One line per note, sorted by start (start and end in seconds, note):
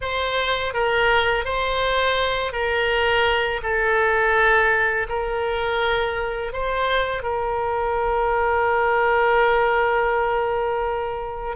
0.01 0.73 C5
0.73 1.45 A#4
1.45 2.52 C5
2.52 3.60 A#4
3.62 5.07 A4
5.09 6.53 A#4
6.53 7.23 C5
7.23 11.56 A#4